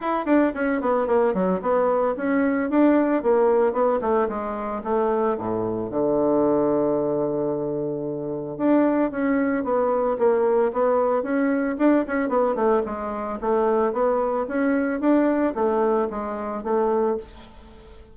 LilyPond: \new Staff \with { instrumentName = "bassoon" } { \time 4/4 \tempo 4 = 112 e'8 d'8 cis'8 b8 ais8 fis8 b4 | cis'4 d'4 ais4 b8 a8 | gis4 a4 a,4 d4~ | d1 |
d'4 cis'4 b4 ais4 | b4 cis'4 d'8 cis'8 b8 a8 | gis4 a4 b4 cis'4 | d'4 a4 gis4 a4 | }